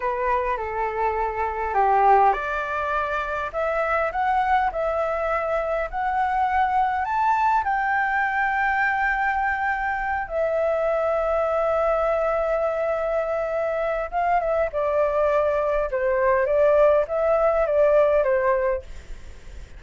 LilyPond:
\new Staff \with { instrumentName = "flute" } { \time 4/4 \tempo 4 = 102 b'4 a'2 g'4 | d''2 e''4 fis''4 | e''2 fis''2 | a''4 g''2.~ |
g''4. e''2~ e''8~ | e''1 | f''8 e''8 d''2 c''4 | d''4 e''4 d''4 c''4 | }